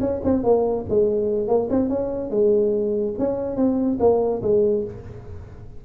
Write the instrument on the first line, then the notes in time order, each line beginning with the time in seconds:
tuba
0.00 C#4
0.24 C4
0.43 A#3
0.89 G#3
1.48 A#3
1.70 C4
1.89 C#4
2.30 G#3
3.18 C#4
3.56 C4
4.00 A#3
4.42 G#3